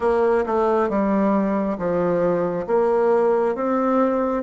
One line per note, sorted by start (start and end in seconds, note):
0.00 0.44 A#3
0.46 0.89 A3
0.89 1.77 G3
1.78 2.66 F3
2.67 3.55 A#3
3.55 4.43 C4